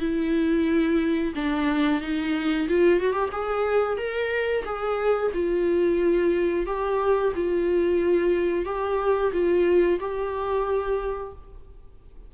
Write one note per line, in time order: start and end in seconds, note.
0.00 1.33 E4
1.35 2.01 D4
2.01 2.68 D#4
2.68 3.00 F4
3.00 3.13 F#4
3.13 3.29 G4
3.32 3.98 G#4
3.98 4.64 A#4
4.65 5.32 G#4
5.34 6.66 F4
6.66 7.33 G4
7.35 8.65 F4
8.65 9.32 G4
9.33 9.99 F4
10.00 11.33 G4